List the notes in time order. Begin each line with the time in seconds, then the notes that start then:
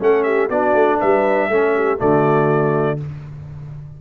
0.00 A3 C#4 A4 F#5
0.23 G4 E5
0.47 B3 D4 F#4 D5
0.74 A3
0.99 G3 B4 E5
1.49 A3 C#4 A4
1.75 G4
1.97 D3 A3 F#4 D5